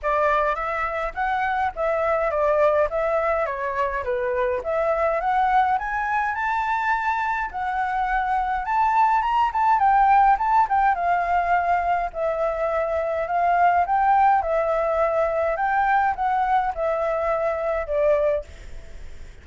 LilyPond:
\new Staff \with { instrumentName = "flute" } { \time 4/4 \tempo 4 = 104 d''4 e''4 fis''4 e''4 | d''4 e''4 cis''4 b'4 | e''4 fis''4 gis''4 a''4~ | a''4 fis''2 a''4 |
ais''8 a''8 g''4 a''8 g''8 f''4~ | f''4 e''2 f''4 | g''4 e''2 g''4 | fis''4 e''2 d''4 | }